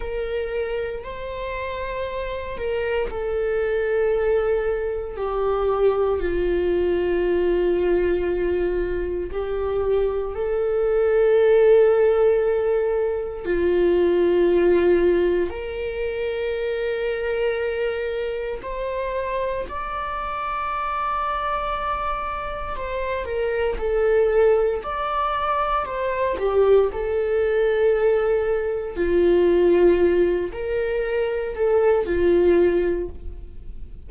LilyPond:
\new Staff \with { instrumentName = "viola" } { \time 4/4 \tempo 4 = 58 ais'4 c''4. ais'8 a'4~ | a'4 g'4 f'2~ | f'4 g'4 a'2~ | a'4 f'2 ais'4~ |
ais'2 c''4 d''4~ | d''2 c''8 ais'8 a'4 | d''4 c''8 g'8 a'2 | f'4. ais'4 a'8 f'4 | }